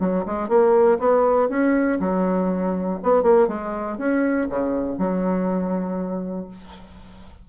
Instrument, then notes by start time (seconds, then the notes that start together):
bassoon
0.00 F#3
0.26 G#3
0.49 A#3
0.99 B3
1.49 C#4
2.00 F#3
3.03 B3
3.23 A#3
3.48 G#3
3.98 C#4
4.50 C#3
4.99 F#3